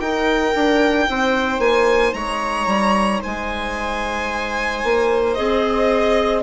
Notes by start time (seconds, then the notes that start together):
0.00 D#4 A#4 G5
0.55 D4
1.08 C4 C5
1.59 A#3 G#5
2.14 G#3 C#5 A#5
2.67 G3
3.21 G#3 C5 G#5
4.84 A#3
5.34 C4 G#4 D#5